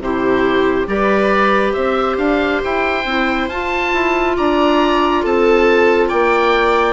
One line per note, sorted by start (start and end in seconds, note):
0.00 0.87 C3
0.00 0.87 E4
0.00 0.90 G4
0.00 0.88 C5
0.87 1.75 G3
0.87 3.04 G4
0.87 1.74 B4
0.87 1.74 D5
1.74 2.18 C4
1.74 4.35 C5
1.74 2.17 E5
2.18 2.61 D4
2.18 2.62 F5
2.65 3.06 E4
2.65 3.50 G5
3.06 3.48 C4
3.06 3.51 E4
3.48 3.92 F4
3.48 6.94 F4
3.48 4.37 A5
3.94 4.37 E4
4.37 5.25 D4
4.37 5.23 D5
4.37 5.25 A#5
5.23 6.12 C4
5.23 6.09 A4
5.23 6.10 A5
6.09 6.94 A#3
6.09 6.94 D5
6.09 6.94 G5